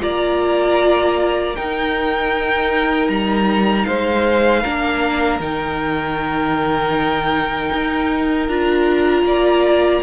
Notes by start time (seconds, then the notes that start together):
0.00 A#3 F4 D5 A#5
1.55 D#4 A#4 G5
3.08 G3 A#5
3.84 G#3 C5 F5
4.62 A#3 D4 A#4
5.39 D#3 D#4 G5
7.72 D#4
8.48 D4 F4 A#5
9.22 A#3 D5